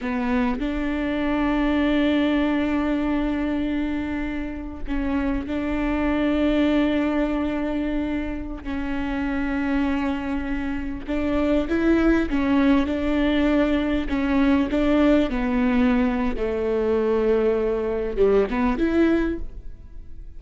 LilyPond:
\new Staff \with { instrumentName = "viola" } { \time 4/4 \tempo 4 = 99 b4 d'2.~ | d'1 | cis'4 d'2.~ | d'2~ d'16 cis'4.~ cis'16~ |
cis'2~ cis'16 d'4 e'8.~ | e'16 cis'4 d'2 cis'8.~ | cis'16 d'4 b4.~ b16 a4~ | a2 g8 b8 e'4 | }